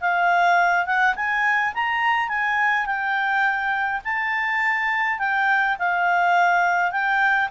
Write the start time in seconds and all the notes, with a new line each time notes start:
0.00 F5
0.86 F#5
1.15 G#5
1.74 A#5
2.28 G#5
2.86 G5
4.04 A5
5.19 G5
5.79 F5
6.92 G5